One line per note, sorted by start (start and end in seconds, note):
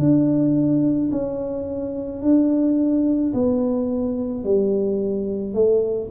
0.00 1.11 D4
1.12 2.23 C#4
2.23 3.34 D4
3.34 4.44 B3
4.44 5.55 G3
5.55 6.10 A3